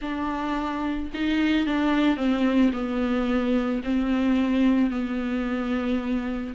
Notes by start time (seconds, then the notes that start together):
0.01 D4
1.14 D#4
1.66 D4
2.17 C4
2.72 B3
3.83 C4
4.90 B3